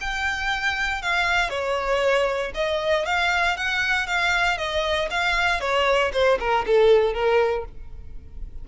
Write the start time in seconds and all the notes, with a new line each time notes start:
0.00 G5
1.02 F5
1.49 C#5
2.54 D#5
3.05 F5
3.56 F#5
4.07 F5
4.57 D#5
5.10 F5
5.60 C#5
6.12 C5
6.39 A#4
6.66 A4
7.13 A#4